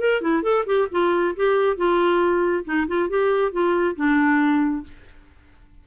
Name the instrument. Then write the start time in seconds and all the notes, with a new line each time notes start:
clarinet
0.00 A#4
0.21 E4
0.43 A4
0.66 G4
0.91 F4
1.36 G4
1.77 F4
2.65 D#4
2.88 F4
3.09 G4
3.52 F4
3.96 D4